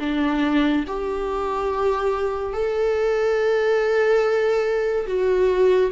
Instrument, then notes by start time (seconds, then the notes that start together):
viola
0.00 D4
0.88 G4
2.53 A4
5.07 F#4